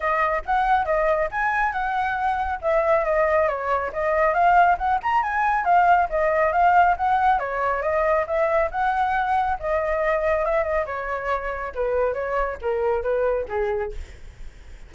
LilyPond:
\new Staff \with { instrumentName = "flute" } { \time 4/4 \tempo 4 = 138 dis''4 fis''4 dis''4 gis''4 | fis''2 e''4 dis''4 | cis''4 dis''4 f''4 fis''8 ais''8 | gis''4 f''4 dis''4 f''4 |
fis''4 cis''4 dis''4 e''4 | fis''2 dis''2 | e''8 dis''8 cis''2 b'4 | cis''4 ais'4 b'4 gis'4 | }